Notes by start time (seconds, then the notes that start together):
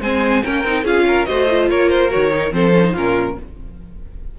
0.00 G#3 C4 C5 G#5
0.43 A#3 C#4 A#4 G5
0.63 C4 D#4
0.84 C#4 F4 G#4 F5
1.07 A#4
1.25 A3 F#4 C5 D#5
1.50 F4
1.69 A#3 A#4 C#5
1.90 C5
2.09 D#3 F#4 C#5
2.31 D#4
2.51 F3 C4 A4 C5
2.74 C#4
2.83 D#4
2.92 A#2 C#4 F4 A#4